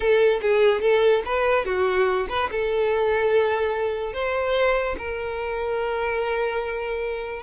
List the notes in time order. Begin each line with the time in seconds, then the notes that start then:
0.00 A4
0.41 G#4
0.81 A4
1.25 B4
1.65 F#4
2.29 B4
2.51 A4
4.13 C5
4.97 A#4